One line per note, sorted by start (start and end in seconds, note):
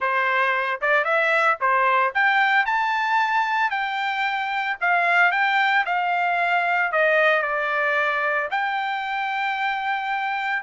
0.00 0.80 C5
0.81 1.04 D5
1.04 1.57 E5
1.60 2.13 C5
2.14 2.65 G5
2.65 3.70 A5
3.70 4.76 G5
4.81 5.31 F5
5.31 5.84 G5
5.86 6.91 F5
6.91 7.42 D#5
7.42 8.48 D5
8.51 10.62 G5